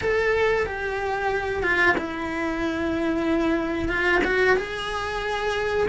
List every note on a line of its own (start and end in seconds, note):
0.01 0.66 A4
0.66 1.62 G4
1.62 1.95 F4
1.97 3.89 E4
3.89 4.21 F4
4.24 4.57 F#4
4.57 5.87 G#4